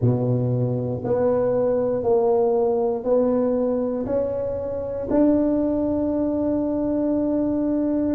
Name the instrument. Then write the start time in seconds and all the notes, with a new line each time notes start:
tuba
0.00 B2
1.04 B3
2.03 A#3
3.04 B3
4.06 C#4
5.10 D4